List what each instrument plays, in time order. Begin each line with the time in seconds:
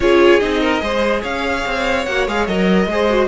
0.00 cello C#4, viola F4, violin G#4 C#5
0.39 cello C4, viola D#4, violin D#5
0.61 violin A#4
0.80 cello G#3, viola G#4, violin C5
1.21 cello C#4, violin C#5 F5
1.65 cello C4
2.05 cello A#3, viola F#4, violin F#5
2.27 cello G#3, viola G#4, violin F5
2.46 cello F#3, viola A#4, violin D#5
2.86 cello G#3, viola G#4, violin C5
3.09 viola F#4